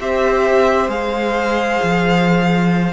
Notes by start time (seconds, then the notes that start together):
0.00 C4 G4 C5 E5
0.88 G#3 G#4 F5
1.83 F3